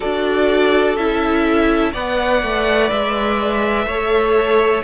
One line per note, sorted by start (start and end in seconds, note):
0.00 0.96 D4
0.00 0.97 F#4
0.00 1.92 A4
0.00 0.96 D5
0.96 1.93 C#4
0.96 1.94 E4
0.96 1.93 E5
1.92 2.42 B3
1.92 3.89 B4
1.92 3.85 D5
1.92 2.90 F#5
2.42 2.91 A3
2.90 3.86 G#3
2.90 4.83 E5
3.86 4.82 A3
3.86 4.83 A4
3.86 4.83 C#5